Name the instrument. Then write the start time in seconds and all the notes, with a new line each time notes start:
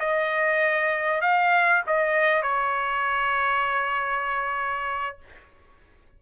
trumpet
0.00 D#5
1.22 F5
1.87 D#5
2.43 C#5